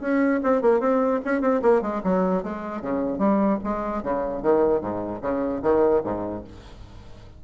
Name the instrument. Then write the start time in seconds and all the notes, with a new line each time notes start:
bassoon
0.00 C#4
0.43 C4
0.61 A#3
0.79 C4
1.24 C#4
1.41 C4
1.62 A#3
1.81 G#3
2.03 F#3
2.43 G#3
2.81 C#3
3.18 G3
3.63 G#3
4.02 C#3
4.42 D#3
4.81 G#2
5.21 C#3
5.62 D#3
6.03 G#2